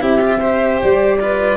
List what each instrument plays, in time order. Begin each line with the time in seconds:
0.00 tuba C4, cello E4, violin G4, flute E5
0.20 cello F4
0.39 cello G4, violin C5
0.81 tuba G3, flute D5
1.20 cello F4, violin B4